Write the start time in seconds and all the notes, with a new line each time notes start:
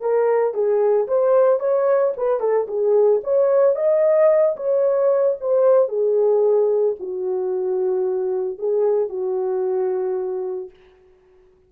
0.00 A#4
0.54 G#4
1.07 C5
1.59 C#5
2.16 B4
2.40 A4
2.67 G#4
3.23 C#5
3.75 D#5
4.56 C#5
5.40 C5
5.88 G#4
6.99 F#4
8.58 G#4
9.09 F#4